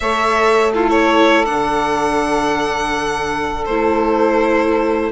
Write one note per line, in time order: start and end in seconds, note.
0.00 1.47 A3
0.00 0.73 A4
0.00 0.73 C#5
0.00 0.72 E5
0.73 1.45 E4
0.73 0.89 F4
0.73 5.11 A4
0.89 1.44 C#5
1.45 3.67 D3
1.45 3.65 D4
1.45 3.64 F#5
3.65 5.11 A3
3.65 5.11 E4
3.65 5.11 C5